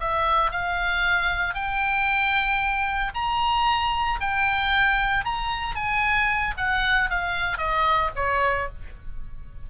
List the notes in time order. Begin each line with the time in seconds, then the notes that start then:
0.00 E5
0.51 F5
1.54 G5
3.14 A#5
4.20 G5
5.25 A#5
5.76 G#5
6.57 F#5
7.10 F5
7.58 D#5
8.16 C#5